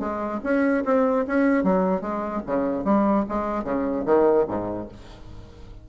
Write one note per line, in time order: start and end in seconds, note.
0.00 0.41 G#3
0.44 0.84 C#4
0.86 1.26 C4
1.28 1.64 C#4
1.64 2.01 F#3
2.01 2.42 G#3
2.47 2.85 C#3
2.85 3.26 G3
3.29 3.64 G#3
3.64 4.05 C#3
4.06 4.46 D#3
4.48 4.89 G#2